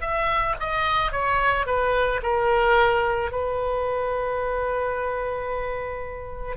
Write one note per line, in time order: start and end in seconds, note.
0.00 0.55 E5
0.60 1.12 D#5
1.12 1.66 C#5
1.66 2.20 B4
2.22 3.31 A#4
3.31 6.56 B4